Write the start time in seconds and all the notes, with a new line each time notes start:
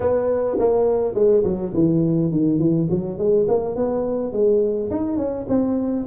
0.00 B3
0.58 A#3
1.14 G#3
1.43 F#3
1.73 E3
2.31 D#3
2.58 E3
2.90 F#3
3.18 G#3
3.48 A#3
3.75 B3
4.32 G#3
4.90 D#4
5.17 C#4
5.48 C4